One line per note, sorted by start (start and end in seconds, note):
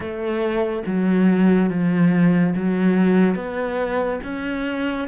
0.00 0.83 A3
0.86 1.69 F#3
1.69 2.54 F3
2.55 3.35 F#3
3.35 4.19 B3
4.23 5.08 C#4